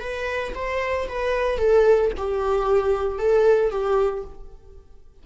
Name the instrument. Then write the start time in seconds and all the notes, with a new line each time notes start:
viola
0.00 B4
0.55 C5
1.08 B4
1.58 A4
2.17 G4
3.18 A4
3.71 G4